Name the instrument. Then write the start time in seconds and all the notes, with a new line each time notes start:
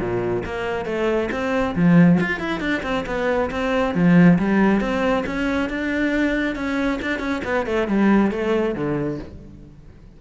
cello
0.00 A#2
0.45 A#3
0.86 A3
1.32 C4
1.76 F3
2.20 F4
2.40 E4
2.61 D4
2.83 C4
3.07 B3
3.51 C4
3.95 F3
4.39 G3
4.81 C4
5.27 C#4
5.70 D4
6.56 C#4
7.02 D4
7.20 C#4
7.45 B3
7.67 A3
7.88 G3
8.31 A3
8.75 D3